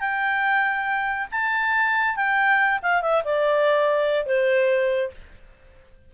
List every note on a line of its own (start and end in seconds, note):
0.00 1.28 G5
1.31 2.16 A5
2.16 2.80 G5
2.83 3.02 F5
3.02 3.23 E5
3.24 4.26 D5
4.26 5.11 C5